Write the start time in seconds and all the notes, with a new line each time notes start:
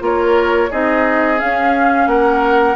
0.00 A#3 F4 A#4 C#5
0.70 C4 D#4 G#4 D#5
1.37 C#4 F5
2.07 A#3 A#4 F#5